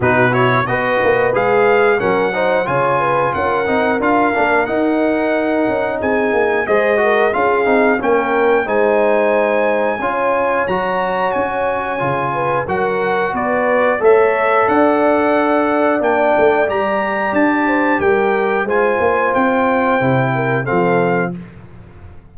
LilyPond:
<<
  \new Staff \with { instrumentName = "trumpet" } { \time 4/4 \tempo 4 = 90 b'8 cis''8 dis''4 f''4 fis''4 | gis''4 fis''4 f''4 fis''4~ | fis''4 gis''4 dis''4 f''4 | g''4 gis''2. |
ais''4 gis''2 fis''4 | d''4 e''4 fis''2 | g''4 ais''4 a''4 g''4 | gis''4 g''2 f''4 | }
  \new Staff \with { instrumentName = "horn" } { \time 4/4 fis'4 b'2 ais'8 c''8 | cis''8 b'8 ais'2.~ | ais'4 gis'4 c''8 ais'8 gis'4 | ais'4 c''2 cis''4~ |
cis''2~ cis''8 b'8 ais'4 | b'4 cis''4 d''2~ | d''2~ d''8 c''8 ais'4 | c''2~ c''8 ais'8 a'4 | }
  \new Staff \with { instrumentName = "trombone" } { \time 4/4 dis'8 e'8 fis'4 gis'4 cis'8 dis'8 | f'4. dis'8 f'8 d'8 dis'4~ | dis'2 gis'8 fis'8 f'8 dis'8 | cis'4 dis'2 f'4 |
fis'2 f'4 fis'4~ | fis'4 a'2. | d'4 g'2. | f'2 e'4 c'4 | }
  \new Staff \with { instrumentName = "tuba" } { \time 4/4 b,4 b8 ais8 gis4 fis4 | cis4 cis'8 c'8 d'8 ais8 dis'4~ | dis'8 cis'8 c'8 ais8 gis4 cis'8 c'8 | ais4 gis2 cis'4 |
fis4 cis'4 cis4 fis4 | b4 a4 d'2 | ais8 a8 g4 d'4 g4 | gis8 ais8 c'4 c4 f4 | }
>>